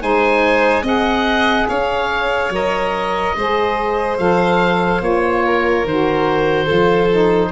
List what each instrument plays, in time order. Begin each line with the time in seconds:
0.00 tuba G#3, saxophone D#4, violin C5, oboe G#5
0.83 tuba C4, saxophone G#4, violin D#5, oboe F#5
1.68 tuba C#4, violin C#5, oboe F5
2.50 tuba F#3, saxophone A#4, oboe D#5
3.36 tuba G#3, saxophone G#4, violin C5
4.18 tuba F3, saxophone A4, oboe F5
5.01 tuba A#3, saxophone F4, oboe C#5
5.45 violin A#4
5.84 tuba D#3, saxophone F#4, oboe C5
6.66 tuba F3, saxophone F4, violin A4
7.11 saxophone D#4